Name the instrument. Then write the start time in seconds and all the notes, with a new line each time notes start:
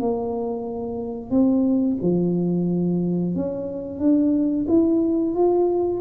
tuba
0.00 A#3
1.31 C4
2.02 F3
3.35 C#4
3.99 D4
4.68 E4
5.35 F4